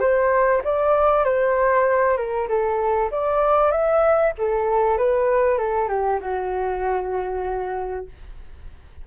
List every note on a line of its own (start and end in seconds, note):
0.00 0.62 C5
0.64 1.25 D5
1.25 2.17 C5
2.17 2.48 A#4
2.49 3.10 A4
3.11 3.71 D5
3.71 4.33 E5
4.38 4.97 A4
4.97 5.58 B4
5.58 5.88 A4
5.88 6.19 G4
6.21 8.06 F#4